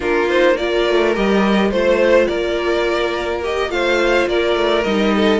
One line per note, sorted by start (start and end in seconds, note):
0.00 0.88 A#3
0.00 0.28 D4
0.00 0.57 F4
0.00 0.29 A#4
0.29 0.57 D#4
0.29 0.57 C5
0.57 1.14 F4
0.57 1.71 A#4
0.57 1.14 D5
0.88 1.16 A3
1.14 1.70 G3
1.14 1.71 G4
1.14 1.70 D#5
1.70 2.27 A3
1.70 3.42 F4
1.70 2.26 C5
1.70 2.28 C5
2.26 3.69 A#3
2.26 3.70 A#4
2.26 3.41 D5
3.42 3.69 G4
3.42 3.71 D#5
3.69 4.26 A3
3.69 4.83 F4
3.69 4.29 C5
3.69 4.28 F5
4.27 4.55 A#3
4.27 5.14 A#4
4.27 4.83 D5
4.56 4.84 A3
4.83 5.40 G3
4.83 5.40 D#4
4.83 5.40 D#5
5.16 5.40 A4